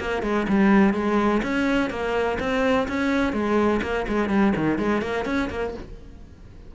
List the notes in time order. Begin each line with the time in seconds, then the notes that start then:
0.00 A#3
0.22 G#3
0.48 G3
0.94 G#3
1.42 C#4
1.90 A#3
2.40 C4
2.88 C#4
3.33 G#3
3.82 A#3
4.08 G#3
4.29 G3
4.56 D#3
4.78 G#3
5.01 A#3
5.25 C#4
5.50 A#3